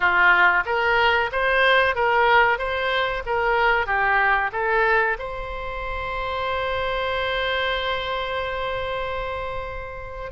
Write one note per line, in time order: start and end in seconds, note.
0.00 0.63 F4
0.65 1.30 A#4
1.32 1.95 C5
1.95 2.58 A#4
2.58 3.23 C5
3.26 3.86 A#4
3.86 4.50 G4
4.52 5.17 A4
5.18 10.31 C5